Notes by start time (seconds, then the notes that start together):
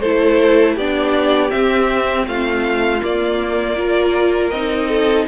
0.00 A3 E4 A4 C5
0.75 B3 D4 G4 D5
1.48 C4 E5
2.27 A3 F4 F5
3.02 A#3 D5
3.76 F4 A#4
4.50 C4 D#4 D#5
4.89 A4